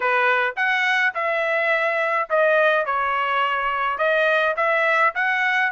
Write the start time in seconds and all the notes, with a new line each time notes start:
0.00 B4
0.56 F#5
1.14 E5
2.29 D#5
2.85 C#5
3.98 D#5
4.56 E5
5.14 F#5